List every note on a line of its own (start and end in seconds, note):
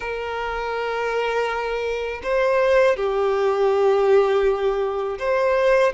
0.00 2.21 A#4
2.23 2.96 C5
2.96 5.18 G4
5.19 5.93 C5